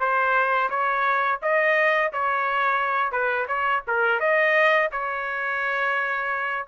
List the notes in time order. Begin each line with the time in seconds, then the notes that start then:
0.00 C5
0.70 C#5
1.42 D#5
2.13 C#5
3.12 B4
3.48 C#5
3.88 A#4
4.20 D#5
4.92 C#5